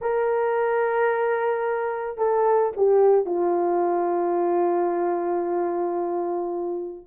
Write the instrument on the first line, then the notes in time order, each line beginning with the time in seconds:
horn
0.01 A#4
2.17 A4
2.76 G4
3.25 F4